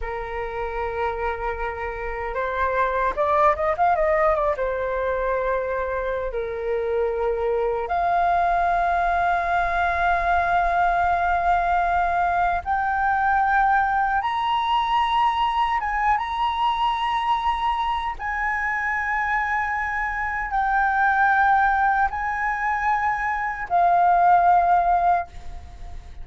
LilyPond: \new Staff \with { instrumentName = "flute" } { \time 4/4 \tempo 4 = 76 ais'2. c''4 | d''8 dis''16 f''16 dis''8 d''16 c''2~ c''16 | ais'2 f''2~ | f''1 |
g''2 ais''2 | gis''8 ais''2~ ais''8 gis''4~ | gis''2 g''2 | gis''2 f''2 | }